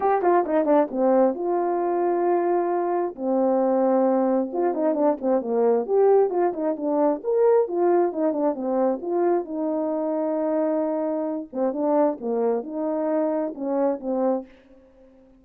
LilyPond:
\new Staff \with { instrumentName = "horn" } { \time 4/4 \tempo 4 = 133 g'8 f'8 dis'8 d'8 c'4 f'4~ | f'2. c'4~ | c'2 f'8 dis'8 d'8 c'8 | ais4 g'4 f'8 dis'8 d'4 |
ais'4 f'4 dis'8 d'8 c'4 | f'4 dis'2.~ | dis'4. c'8 d'4 ais4 | dis'2 cis'4 c'4 | }